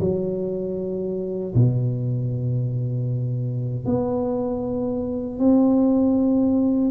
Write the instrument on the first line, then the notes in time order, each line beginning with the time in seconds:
tuba
0.00 F#3
1.54 B2
3.85 B3
5.38 C4